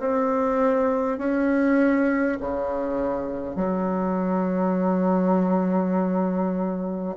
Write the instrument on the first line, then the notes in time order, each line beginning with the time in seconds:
bassoon
0.00 C4
1.19 C#4
2.41 C#3
3.56 F#3